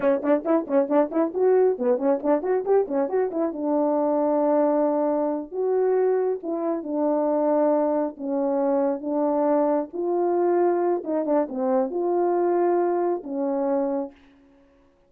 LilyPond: \new Staff \with { instrumentName = "horn" } { \time 4/4 \tempo 4 = 136 cis'8 d'8 e'8 cis'8 d'8 e'8 fis'4 | b8 cis'8 d'8 fis'8 g'8 cis'8 fis'8 e'8 | d'1~ | d'8 fis'2 e'4 d'8~ |
d'2~ d'8 cis'4.~ | cis'8 d'2 f'4.~ | f'4 dis'8 d'8 c'4 f'4~ | f'2 cis'2 | }